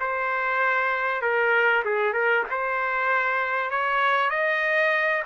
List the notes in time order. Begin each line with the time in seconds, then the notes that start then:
0.00 C5
1.21 A#4
1.85 G#4
2.13 A#4
2.51 C5
3.71 C#5
4.30 D#5